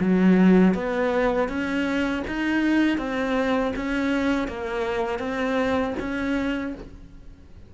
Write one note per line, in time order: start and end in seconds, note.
0.00 0.74 F#3
0.74 1.49 B3
1.49 2.24 C#4
2.27 2.98 D#4
2.98 3.73 C4
3.76 4.48 C#4
4.48 5.19 A#3
5.19 5.94 C4
6.00 6.75 C#4